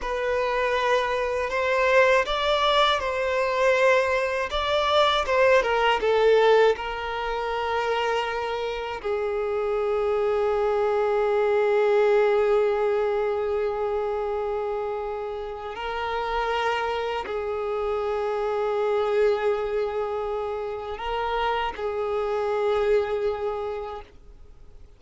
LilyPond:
\new Staff \with { instrumentName = "violin" } { \time 4/4 \tempo 4 = 80 b'2 c''4 d''4 | c''2 d''4 c''8 ais'8 | a'4 ais'2. | gis'1~ |
gis'1~ | gis'4 ais'2 gis'4~ | gis'1 | ais'4 gis'2. | }